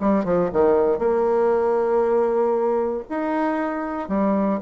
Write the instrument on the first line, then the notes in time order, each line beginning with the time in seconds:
bassoon
0.00 G3
0.24 F3
0.52 D#3
0.98 A#3
3.09 D#4
4.08 G3